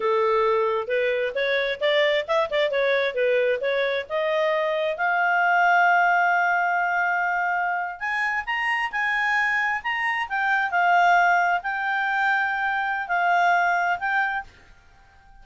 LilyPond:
\new Staff \with { instrumentName = "clarinet" } { \time 4/4 \tempo 4 = 133 a'2 b'4 cis''4 | d''4 e''8 d''8 cis''4 b'4 | cis''4 dis''2 f''4~ | f''1~ |
f''4.~ f''16 gis''4 ais''4 gis''16~ | gis''4.~ gis''16 ais''4 g''4 f''16~ | f''4.~ f''16 g''2~ g''16~ | g''4 f''2 g''4 | }